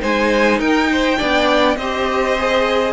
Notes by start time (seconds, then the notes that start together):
0.00 G#3 D#4 C5 G#5
0.59 D#4 A#4 G5
0.92 C5
1.17 B3 D4 D5
1.76 C4 G4 C5 D#5
2.38 G#4